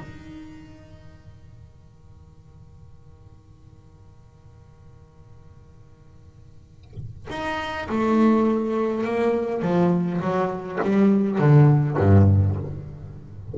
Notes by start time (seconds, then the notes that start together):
0.00 D#3
7.30 D#4
7.90 A3
9.05 A#3
9.62 F3
10.21 F#3
10.83 G3
11.39 D3
11.98 G2